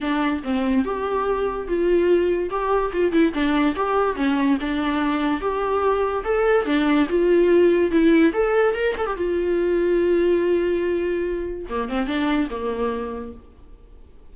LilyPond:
\new Staff \with { instrumentName = "viola" } { \time 4/4 \tempo 4 = 144 d'4 c'4 g'2 | f'2 g'4 f'8 e'8 | d'4 g'4 cis'4 d'4~ | d'4 g'2 a'4 |
d'4 f'2 e'4 | a'4 ais'8 a'16 g'16 f'2~ | f'1 | ais8 c'8 d'4 ais2 | }